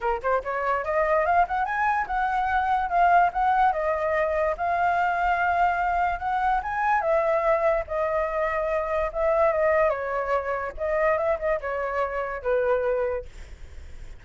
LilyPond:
\new Staff \with { instrumentName = "flute" } { \time 4/4 \tempo 4 = 145 ais'8 c''8 cis''4 dis''4 f''8 fis''8 | gis''4 fis''2 f''4 | fis''4 dis''2 f''4~ | f''2. fis''4 |
gis''4 e''2 dis''4~ | dis''2 e''4 dis''4 | cis''2 dis''4 e''8 dis''8 | cis''2 b'2 | }